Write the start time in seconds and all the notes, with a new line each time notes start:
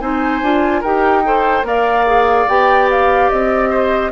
0.00 C4 D#4 C5 G#5
0.42 D4 F4
0.80 D#4 G4 A#4 G5
1.25 A4 C5
1.63 A#3 A#4 D5 F5
2.06 G#4
2.48 B3 G4 G5
2.90 F5
3.30 C4 D#5
3.70 C5